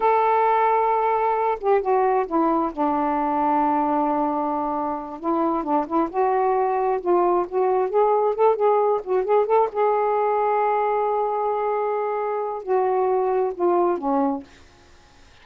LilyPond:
\new Staff \with { instrumentName = "saxophone" } { \time 4/4 \tempo 4 = 133 a'2.~ a'8 g'8 | fis'4 e'4 d'2~ | d'2.~ d'8 e'8~ | e'8 d'8 e'8 fis'2 f'8~ |
f'8 fis'4 gis'4 a'8 gis'4 | fis'8 gis'8 a'8 gis'2~ gis'8~ | gis'1 | fis'2 f'4 cis'4 | }